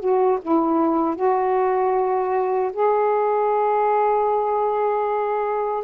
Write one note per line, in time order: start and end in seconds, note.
0.00 0.39 F#4
0.42 1.16 E4
1.16 2.72 F#4
2.73 5.84 G#4